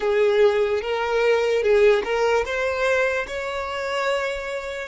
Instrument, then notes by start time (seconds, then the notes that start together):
violin
0.00 G#4
0.81 A#4
1.62 G#4
2.04 A#4
2.45 C5
3.27 C#5